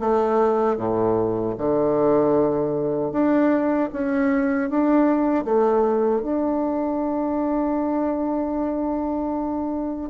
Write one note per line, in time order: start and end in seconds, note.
0.00 0.78 A3
0.78 1.55 A2
1.58 3.12 D3
3.12 3.90 D4
3.93 4.70 C#4
4.70 5.45 D4
5.45 6.23 A3
6.23 10.11 D4